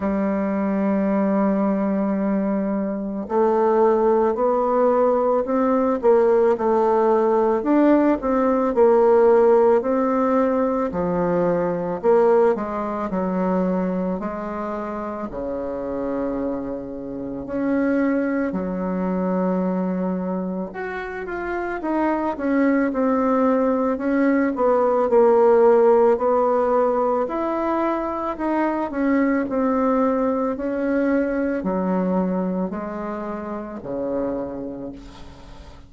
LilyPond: \new Staff \with { instrumentName = "bassoon" } { \time 4/4 \tempo 4 = 55 g2. a4 | b4 c'8 ais8 a4 d'8 c'8 | ais4 c'4 f4 ais8 gis8 | fis4 gis4 cis2 |
cis'4 fis2 fis'8 f'8 | dis'8 cis'8 c'4 cis'8 b8 ais4 | b4 e'4 dis'8 cis'8 c'4 | cis'4 fis4 gis4 cis4 | }